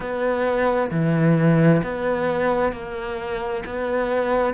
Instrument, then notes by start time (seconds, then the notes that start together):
cello
0.00 B3
0.90 E3
1.83 B3
2.72 A#3
3.65 B3